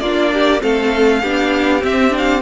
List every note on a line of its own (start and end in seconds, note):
0.00 0.61 A#3
0.00 0.59 D4
0.00 0.32 F4
0.00 0.61 D5
0.33 0.62 G4
0.59 1.23 A3
0.59 1.20 C4
0.59 1.21 A4
0.59 1.84 F5
1.21 1.83 B3
1.21 1.81 D4
1.21 2.42 G4
1.81 2.09 C4
1.81 2.42 C4
1.81 2.15 E5
2.09 2.40 D4
2.18 2.42 F5